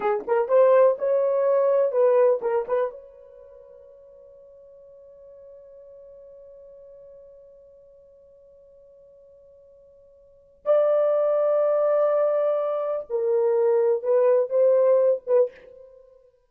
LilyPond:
\new Staff \with { instrumentName = "horn" } { \time 4/4 \tempo 4 = 124 gis'8 ais'8 c''4 cis''2 | b'4 ais'8 b'8 cis''2~ | cis''1~ | cis''1~ |
cis''1~ | cis''2 d''2~ | d''2. ais'4~ | ais'4 b'4 c''4. b'8 | }